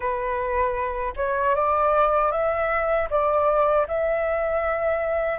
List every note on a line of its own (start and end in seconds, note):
0.00 1.13 B4
1.16 1.55 C#5
1.55 2.31 D5
2.31 3.08 E5
3.09 3.86 D5
3.87 5.38 E5